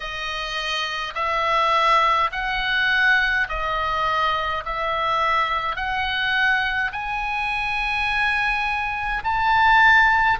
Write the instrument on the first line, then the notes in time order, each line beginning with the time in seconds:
oboe
0.00 D#5
1.14 E5
2.32 F#5
3.48 D#5
4.65 E5
5.76 F#5
6.92 G#5
9.24 A5